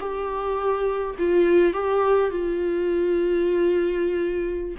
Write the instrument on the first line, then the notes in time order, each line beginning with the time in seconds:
viola
0.00 G4
1.19 F4
1.73 G4
2.30 F4